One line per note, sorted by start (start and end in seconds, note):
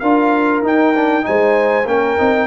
0.00 0.62 D4
0.00 0.64 F4
0.00 1.25 A#4
0.00 0.62 F5
0.62 1.24 D#4
0.62 0.95 D#4
0.62 1.26 G5
0.96 1.23 D4
1.23 1.86 G#3
1.23 1.84 D#4
1.23 1.89 C5
1.23 1.87 G#5
1.86 2.16 A#3
1.86 2.18 C#4
1.86 2.48 A#4
1.86 2.48 G5
2.18 2.48 C4
2.18 2.48 D#4